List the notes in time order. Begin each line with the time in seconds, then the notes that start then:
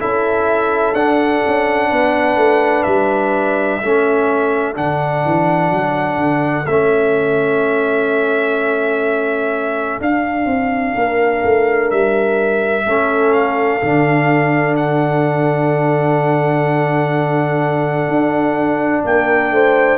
0.00 C#4 E4 A4 E5
0.94 D4 F#5
1.47 C#4
1.90 B3 B4
2.37 A3
2.84 G3 E5
3.80 A3 C#4 A4
4.75 D3 D4 F#5
5.26 E3
5.71 F#3
6.17 D3
6.67 A3 C#4 E5
10.01 D4 F5
10.46 C4
10.95 A#3 A#4
11.44 A3
11.91 G3 E5
12.86 A3 C#4 A4
13.33 F5
13.82 D3 D4
14.77 F#5
18.08 D4
19.05 A#3 A#4 G5
19.51 A3 C5